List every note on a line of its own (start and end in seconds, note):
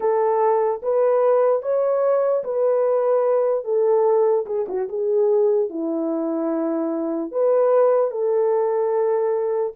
0.00 0.81 A4
0.82 1.62 B4
1.62 2.43 C#5
2.43 3.64 B4
3.64 4.45 A4
4.46 4.66 G#4
4.68 4.88 F#4
4.89 5.69 G#4
5.69 7.31 E4
7.31 8.10 B4
8.10 9.73 A4